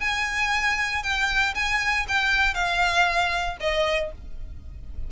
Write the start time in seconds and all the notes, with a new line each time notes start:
0.00 G#5
1.03 G5
1.55 G#5
2.08 G5
2.54 F5
3.60 D#5